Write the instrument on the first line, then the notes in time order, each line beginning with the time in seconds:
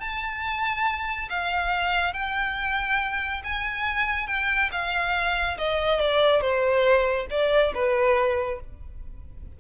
violin
0.00 A5
1.29 F5
2.13 G5
3.44 G#5
4.27 G5
4.72 F5
5.58 D#5
6.00 D5
6.41 C5
7.30 D5
7.74 B4